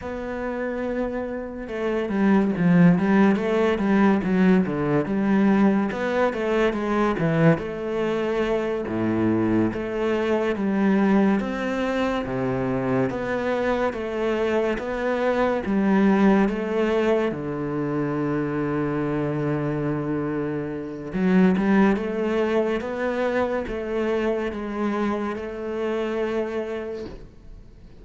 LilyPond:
\new Staff \with { instrumentName = "cello" } { \time 4/4 \tempo 4 = 71 b2 a8 g8 f8 g8 | a8 g8 fis8 d8 g4 b8 a8 | gis8 e8 a4. a,4 a8~ | a8 g4 c'4 c4 b8~ |
b8 a4 b4 g4 a8~ | a8 d2.~ d8~ | d4 fis8 g8 a4 b4 | a4 gis4 a2 | }